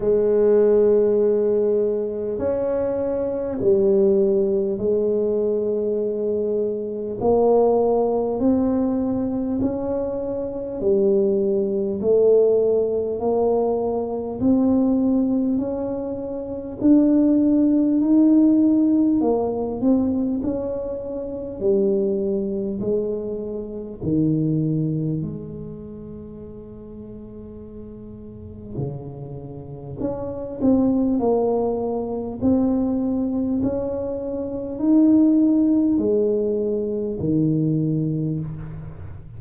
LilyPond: \new Staff \with { instrumentName = "tuba" } { \time 4/4 \tempo 4 = 50 gis2 cis'4 g4 | gis2 ais4 c'4 | cis'4 g4 a4 ais4 | c'4 cis'4 d'4 dis'4 |
ais8 c'8 cis'4 g4 gis4 | dis4 gis2. | cis4 cis'8 c'8 ais4 c'4 | cis'4 dis'4 gis4 dis4 | }